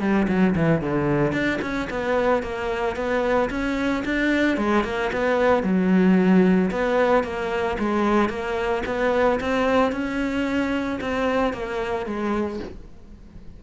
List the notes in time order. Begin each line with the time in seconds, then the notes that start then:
0.00 G3
0.28 F#3
0.56 E3
0.82 D3
1.33 D4
1.62 C#4
1.90 B3
2.43 A#3
2.96 B3
3.50 C#4
4.05 D4
4.58 G#3
4.84 A#3
5.12 B3
5.63 F#3
6.71 B3
7.24 A#3
7.79 G#3
8.29 A#3
8.86 B3
9.41 C4
9.92 C#4
11.01 C4
11.53 A#3
12.06 G#3